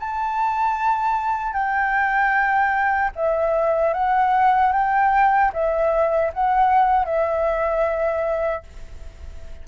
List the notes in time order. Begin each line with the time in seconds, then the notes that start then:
0.00 A5
1.53 G5
3.16 E5
3.94 F#5
4.73 G5
5.53 E5
6.34 F#5
7.06 E5